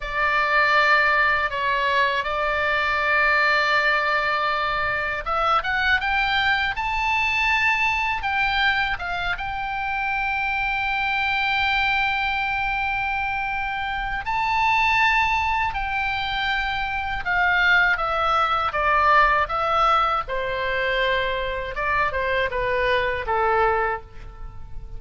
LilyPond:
\new Staff \with { instrumentName = "oboe" } { \time 4/4 \tempo 4 = 80 d''2 cis''4 d''4~ | d''2. e''8 fis''8 | g''4 a''2 g''4 | f''8 g''2.~ g''8~ |
g''2. a''4~ | a''4 g''2 f''4 | e''4 d''4 e''4 c''4~ | c''4 d''8 c''8 b'4 a'4 | }